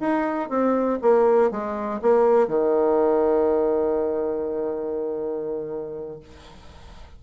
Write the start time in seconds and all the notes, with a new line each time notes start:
0.00 D#4
0.49 C4
1.02 A#3
1.51 G#3
2.02 A#3
2.48 D#3